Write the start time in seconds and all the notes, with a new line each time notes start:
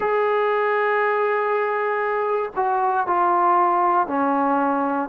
0.00 G#4
2.56 F#4
3.06 F4
4.07 C#4